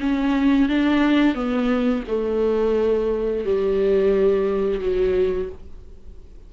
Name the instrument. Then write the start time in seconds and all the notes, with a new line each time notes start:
viola
0.00 C#4
0.69 D4
1.34 B3
2.08 A3
3.45 G3
4.80 F#3